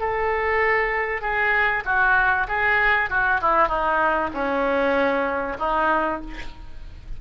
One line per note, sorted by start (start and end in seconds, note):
0.00 1.22 A4
1.22 1.84 G#4
1.86 2.47 F#4
2.48 3.10 G#4
3.10 3.41 F#4
3.42 3.68 E4
3.68 4.30 D#4
4.34 5.58 C#4
5.60 6.21 D#4